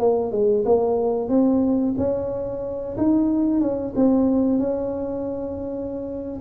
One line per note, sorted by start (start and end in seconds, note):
0.00 0.32 A#3
0.32 0.65 G#3
0.66 1.29 A#3
1.29 1.95 C4
1.98 2.97 C#4
2.97 3.61 D#4
3.61 3.94 C#4
3.96 4.59 C4
4.59 6.40 C#4